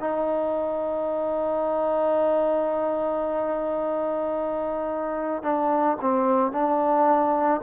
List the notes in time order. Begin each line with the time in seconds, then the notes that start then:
0.00 D#4
5.43 D4
6.01 C4
6.52 D4